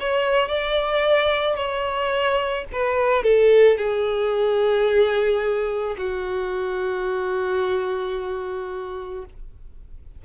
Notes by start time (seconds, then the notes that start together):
0.00 C#5
0.49 D5
1.56 C#5
2.72 B4
3.23 A4
3.78 G#4
5.98 F#4